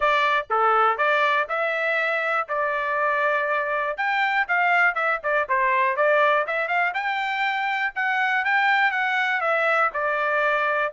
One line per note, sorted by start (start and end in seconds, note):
0.00 0.46 D5
0.50 0.97 A4
0.97 1.47 D5
1.49 2.48 E5
2.48 3.97 D5
3.97 4.46 G5
4.47 4.95 F5
4.95 5.19 E5
5.23 5.48 D5
5.48 5.96 C5
5.96 6.46 D5
6.46 6.68 E5
6.68 6.93 F5
6.94 7.93 G5
7.95 8.44 F#5
8.45 8.91 G5
8.91 9.40 F#5
9.40 9.90 E5
9.93 10.92 D5